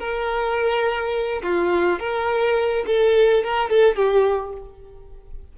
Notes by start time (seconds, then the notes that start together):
0.00 A#4
1.43 F4
2.00 A#4
2.87 A4
3.44 A#4
3.70 A4
3.96 G4